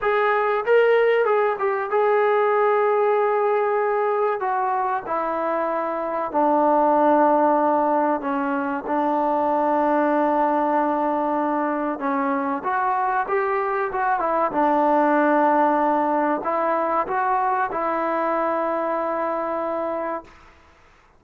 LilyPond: \new Staff \with { instrumentName = "trombone" } { \time 4/4 \tempo 4 = 95 gis'4 ais'4 gis'8 g'8 gis'4~ | gis'2. fis'4 | e'2 d'2~ | d'4 cis'4 d'2~ |
d'2. cis'4 | fis'4 g'4 fis'8 e'8 d'4~ | d'2 e'4 fis'4 | e'1 | }